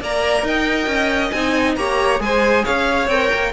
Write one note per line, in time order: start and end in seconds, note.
0.00 0.42 A#3
0.00 1.34 A#4
0.00 0.44 D5
0.00 0.47 A#5
0.42 0.86 D#4
0.42 1.76 D#5
0.42 1.31 G5
0.86 1.31 C#4
1.31 1.76 C4
1.31 1.78 D#4
1.31 1.75 G#5
1.75 2.19 A#3
1.75 2.18 G4
1.75 2.22 C#5
1.75 2.19 A#5
2.18 2.63 G#3
2.18 3.07 G#4
2.18 2.64 C5
2.18 2.64 G#5
2.64 3.07 C#4
2.64 3.52 C#5
2.64 3.08 F5
3.07 3.29 C4
3.07 3.53 A#4
3.07 3.52 G5
3.33 3.53 A#3